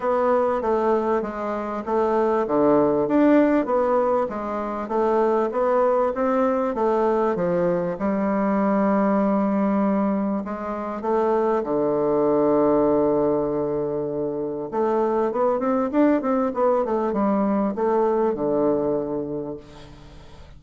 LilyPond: \new Staff \with { instrumentName = "bassoon" } { \time 4/4 \tempo 4 = 98 b4 a4 gis4 a4 | d4 d'4 b4 gis4 | a4 b4 c'4 a4 | f4 g2.~ |
g4 gis4 a4 d4~ | d1 | a4 b8 c'8 d'8 c'8 b8 a8 | g4 a4 d2 | }